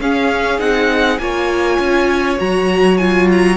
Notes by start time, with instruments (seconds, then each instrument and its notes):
0.00 cello C#4, viola C#4, violin G#4 F5
0.58 cello C4, viola D#4, violin F#5
1.18 cello A#3, viola F4, violin C#5 G#5
1.78 cello C#4
2.37 cello F#3, viola F#4, violin A#5
2.97 viola F4, violin G#5
3.31 violin A#5